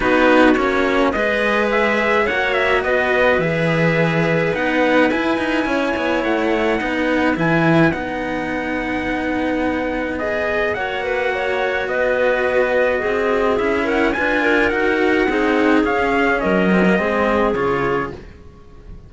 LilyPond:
<<
  \new Staff \with { instrumentName = "trumpet" } { \time 4/4 \tempo 4 = 106 b'4 cis''4 dis''4 e''4 | fis''8 e''8 dis''4 e''2 | fis''4 gis''2 fis''4~ | fis''4 gis''4 fis''2~ |
fis''2 dis''4 fis''4~ | fis''4 dis''2. | e''8 fis''8 gis''4 fis''2 | f''4 dis''2 cis''4 | }
  \new Staff \with { instrumentName = "clarinet" } { \time 4/4 fis'2 b'2 | cis''4 b'2.~ | b'2 cis''2 | b'1~ |
b'2. cis''8 b'8 | cis''4 b'2 gis'4~ | gis'8 ais'8 b'8 ais'4. gis'4~ | gis'4 ais'4 gis'2 | }
  \new Staff \with { instrumentName = "cello" } { \time 4/4 dis'4 cis'4 gis'2 | fis'2 gis'2 | dis'4 e'2. | dis'4 e'4 dis'2~ |
dis'2 gis'4 fis'4~ | fis'1 | e'4 f'4 fis'4 dis'4 | cis'4. c'16 ais16 c'4 f'4 | }
  \new Staff \with { instrumentName = "cello" } { \time 4/4 b4 ais4 gis2 | ais4 b4 e2 | b4 e'8 dis'8 cis'8 b8 a4 | b4 e4 b2~ |
b2. ais4~ | ais4 b2 c'4 | cis'4 d'4 dis'4 c'4 | cis'4 fis4 gis4 cis4 | }
>>